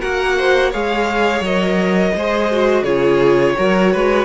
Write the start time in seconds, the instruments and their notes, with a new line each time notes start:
0.00 cello A#3, viola F#4, violin A#4 F#5
0.37 violin C5
0.70 cello G#3, viola G#4, violin C#5 F5
1.41 cello F#3, viola A#4, violin D#5
2.15 cello G#3, viola G#4, violin C5
2.52 viola F#4
2.83 cello C#3, viola F4, violin G#4 C#5
3.57 cello F#3, viola F#4, violin A#4
3.92 cello G#3, violin B4